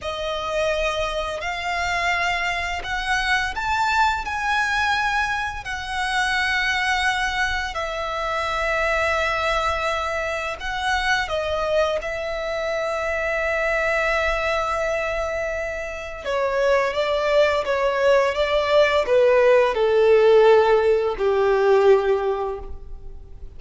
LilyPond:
\new Staff \with { instrumentName = "violin" } { \time 4/4 \tempo 4 = 85 dis''2 f''2 | fis''4 a''4 gis''2 | fis''2. e''4~ | e''2. fis''4 |
dis''4 e''2.~ | e''2. cis''4 | d''4 cis''4 d''4 b'4 | a'2 g'2 | }